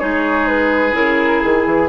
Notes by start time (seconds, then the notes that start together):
0.00 G#3 D#4 G#4 C#5
0.48 B4
0.92 C#3 E4 A#4
1.43 D#3 G#4
1.66 E3